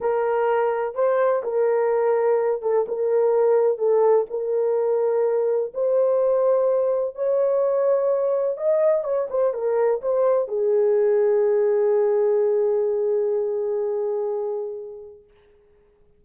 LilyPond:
\new Staff \with { instrumentName = "horn" } { \time 4/4 \tempo 4 = 126 ais'2 c''4 ais'4~ | ais'4. a'8 ais'2 | a'4 ais'2. | c''2. cis''4~ |
cis''2 dis''4 cis''8 c''8 | ais'4 c''4 gis'2~ | gis'1~ | gis'1 | }